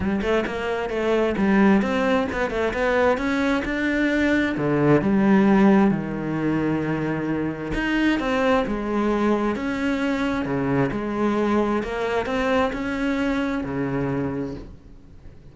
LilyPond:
\new Staff \with { instrumentName = "cello" } { \time 4/4 \tempo 4 = 132 g8 a8 ais4 a4 g4 | c'4 b8 a8 b4 cis'4 | d'2 d4 g4~ | g4 dis2.~ |
dis4 dis'4 c'4 gis4~ | gis4 cis'2 cis4 | gis2 ais4 c'4 | cis'2 cis2 | }